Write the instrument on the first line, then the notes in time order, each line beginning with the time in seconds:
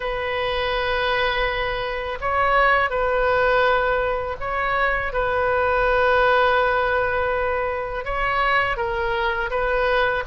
oboe
0.00 B4
2.21 C#5
2.89 B4
4.39 C#5
5.12 B4
8.05 C#5
8.76 A#4
9.50 B4